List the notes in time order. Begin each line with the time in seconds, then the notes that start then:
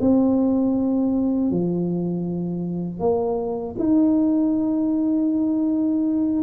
0.00 C4
1.51 F3
2.99 A#3
3.78 D#4